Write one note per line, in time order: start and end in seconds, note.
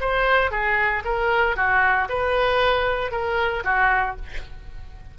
0.00 0.51 C5
0.51 1.03 G#4
1.05 1.56 A#4
1.56 2.08 F#4
2.09 3.11 B4
3.11 3.63 A#4
3.64 4.16 F#4